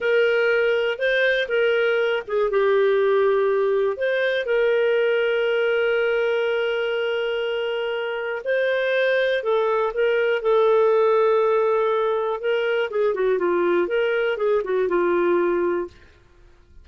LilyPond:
\new Staff \with { instrumentName = "clarinet" } { \time 4/4 \tempo 4 = 121 ais'2 c''4 ais'4~ | ais'8 gis'8 g'2. | c''4 ais'2.~ | ais'1~ |
ais'4 c''2 a'4 | ais'4 a'2.~ | a'4 ais'4 gis'8 fis'8 f'4 | ais'4 gis'8 fis'8 f'2 | }